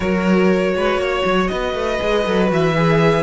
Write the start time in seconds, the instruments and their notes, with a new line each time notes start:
0.00 cello F#3, viola F#4, violin A#4 C#5
0.75 cello G#3, violin B4
0.97 cello A#3, violin C#5
1.25 cello F#3
1.47 cello B3, violin B4 D#5
1.74 cello A3
1.98 cello G#3, viola G#4
2.25 cello F#3, viola A4
2.47 cello E3, viola F#4, violin E5
2.76 viola G#4